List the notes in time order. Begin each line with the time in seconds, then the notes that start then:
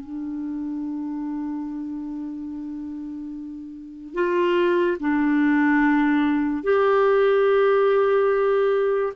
0.00 D4
4.14 F4
5.00 D4
6.63 G4